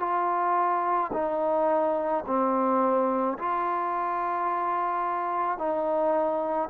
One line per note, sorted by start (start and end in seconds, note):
0.00 1.11 F4
1.13 2.24 D#4
2.27 3.38 C4
3.39 5.58 F4
5.58 6.69 D#4